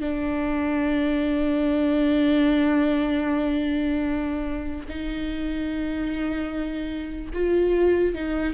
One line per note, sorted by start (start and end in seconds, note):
0.00 4.86 D4
4.88 7.31 D#4
7.33 8.14 F4
8.14 8.53 D#4